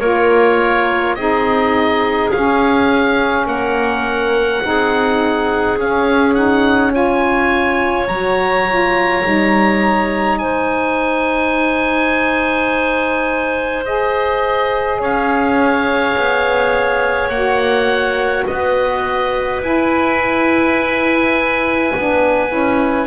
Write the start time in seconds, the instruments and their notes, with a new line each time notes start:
0.00 double bass A#3, saxophone F4, clarinet A#4, oboe C#5
1.15 double bass C4, saxophone D#4, clarinet G#4, oboe D#5
2.31 saxophone C#4, double bass C#4, oboe F5
3.46 double bass A#3, clarinet A#4, oboe F#5
4.62 double bass C4, saxophone D#4, clarinet G#4
5.78 double bass C#4, saxophone C#4, oboe F5
6.35 saxophone D#4, oboe F#5
6.92 saxophone F4, clarinet C#5, oboe G#5
8.08 double bass F#3, saxophone F#4, oboe A#5
8.69 saxophone F4
9.23 double bass G3, saxophone D#4
10.39 double bass G#3, clarinet C5, oboe G#5
13.86 saxophone G#4, oboe D#5
14.99 double bass C#4, clarinet C#5, oboe F5
16.17 double bass B3
17.30 double bass A#3, saxophone F#4, oboe F#5
18.47 double bass B3, clarinet B4, oboe D#5
19.62 double bass E4, saxophone E4, oboe G#5
21.96 double bass B3, saxophone D4
22.49 double bass C#4, saxophone E4